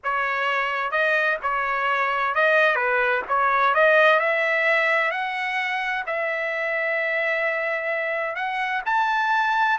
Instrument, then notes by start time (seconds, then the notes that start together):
trumpet
0.03 C#5
0.91 D#5
1.42 C#5
2.34 D#5
2.75 B4
3.28 C#5
3.74 D#5
4.19 E5
5.11 F#5
6.06 E5
8.35 F#5
8.85 A5